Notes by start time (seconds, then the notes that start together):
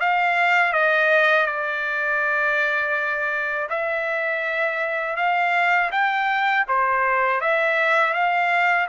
0.00 F5
0.73 D#5
1.46 D5
3.70 E5
5.16 F5
5.92 G5
6.68 C5
7.41 E5
8.14 F5